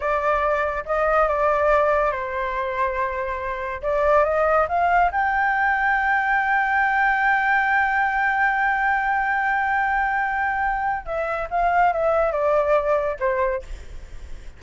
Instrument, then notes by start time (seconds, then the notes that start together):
flute
0.00 D5
0.85 D#5
1.27 D5
2.11 C5
3.81 D5
4.24 D#5
4.68 F5
5.11 G5
11.05 E5
11.50 F5
11.92 E5
12.32 D5
13.19 C5